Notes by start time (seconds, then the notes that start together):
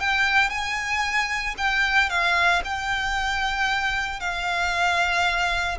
0.00 G5
0.50 G#5
1.58 G5
2.10 F5
2.65 G5
4.20 F5